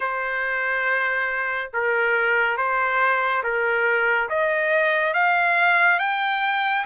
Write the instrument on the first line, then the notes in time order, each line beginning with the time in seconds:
trumpet
0.00 C5
1.73 A#4
2.57 C5
3.43 A#4
4.29 D#5
5.14 F5
5.99 G5